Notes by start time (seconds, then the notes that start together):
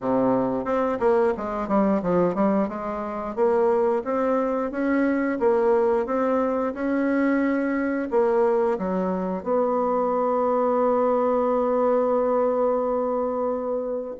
0.01 C3
0.64 C4
0.99 A#3
1.37 G#3
1.68 G3
2.02 F3
2.34 G3
2.68 G#3
3.35 A#3
4.04 C4
4.71 C#4
5.39 A#3
6.06 C4
6.74 C#4
8.10 A#3
8.78 F#3
9.43 B3